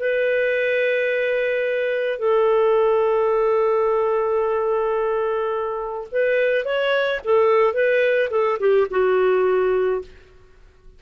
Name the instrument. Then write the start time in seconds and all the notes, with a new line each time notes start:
clarinet
0.00 B4
2.19 A4
6.12 B4
6.65 C#5
7.25 A4
7.74 B4
8.31 A4
8.60 G4
8.91 F#4